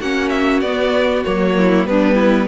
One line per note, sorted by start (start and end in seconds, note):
0.00 0.61 A#3
0.00 0.64 C#4
0.00 1.55 F#4
0.00 0.30 F#5
0.30 0.60 E5
0.61 1.23 B3
0.61 1.26 B3
0.61 1.23 D5
1.24 1.85 F#3
1.24 1.87 A#3
1.24 1.86 C#5
1.58 1.89 E4
1.85 2.47 G3
1.85 2.48 B3
1.85 2.15 D4
1.85 2.48 B4
2.15 2.46 E4